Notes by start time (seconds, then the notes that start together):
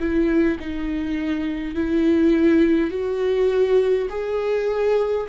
0.00 E4
0.60 D#4
1.75 E4
2.91 F#4
4.10 G#4